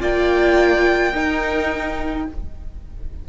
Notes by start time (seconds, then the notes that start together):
0.00 A#3 F4 D5 G5
1.13 D#4 A#4